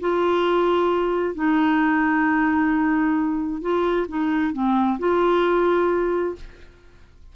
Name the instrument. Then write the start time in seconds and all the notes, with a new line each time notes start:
clarinet
0.00 F4
1.34 D#4
3.61 F4
4.08 D#4
4.53 C4
4.99 F4